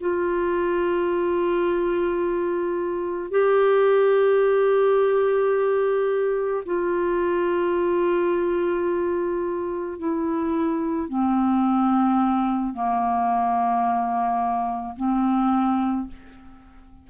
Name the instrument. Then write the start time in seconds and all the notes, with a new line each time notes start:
clarinet
0.00 F4
3.30 G4
6.65 F4
9.98 E4
11.09 C4
12.73 A#3
14.96 C4